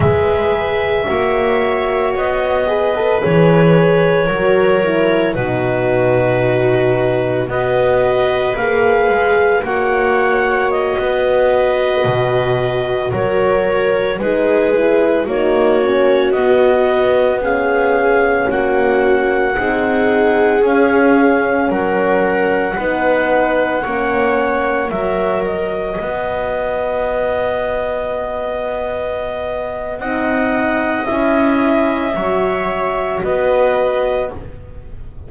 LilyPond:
<<
  \new Staff \with { instrumentName = "clarinet" } { \time 4/4 \tempo 4 = 56 e''2 dis''4 cis''4~ | cis''4 b'2 dis''4 | f''4 fis''4 dis''2~ | dis''16 cis''4 b'4 cis''4 dis''8.~ |
dis''16 f''4 fis''2 f''8.~ | f''16 fis''2. e''8 dis''16~ | dis''1 | fis''4 e''2 dis''4 | }
  \new Staff \with { instrumentName = "viola" } { \time 4/4 b'4 cis''4. b'4. | ais'4 fis'2 b'4~ | b'4 cis''4~ cis''16 b'4.~ b'16~ | b'16 ais'4 gis'4 fis'4.~ fis'16~ |
fis'16 gis'4 fis'4 gis'4.~ gis'16~ | gis'16 ais'4 b'4 cis''4 ais'8.~ | ais'16 b'2.~ b'8. | dis''2 cis''4 b'4 | }
  \new Staff \with { instrumentName = "horn" } { \time 4/4 gis'4 fis'4. gis'16 a'16 gis'4 | fis'8 e'8 dis'2 fis'4 | gis'4 fis'2.~ | fis'4~ fis'16 dis'8 e'8 dis'8 cis'8 b8.~ |
b16 cis'2 dis'4 cis'8.~ | cis'4~ cis'16 dis'4 cis'4 fis'8.~ | fis'1 | dis'4 e'4 fis'2 | }
  \new Staff \with { instrumentName = "double bass" } { \time 4/4 gis4 ais4 b4 e4 | fis4 b,2 b4 | ais8 gis8 ais4~ ais16 b4 b,8.~ | b,16 fis4 gis4 ais4 b8.~ |
b4~ b16 ais4 c'4 cis'8.~ | cis'16 fis4 b4 ais4 fis8.~ | fis16 b2.~ b8. | c'4 cis'4 fis4 b4 | }
>>